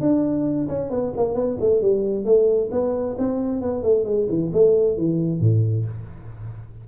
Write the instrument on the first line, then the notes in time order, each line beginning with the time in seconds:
tuba
0.00 D4
0.68 C#4
0.90 B3
1.16 A#3
1.34 B3
1.60 A3
1.81 G3
2.25 A3
2.71 B3
3.18 C4
3.61 B3
3.83 A3
4.04 G#3
4.29 E3
4.53 A3
4.97 E3
5.40 A2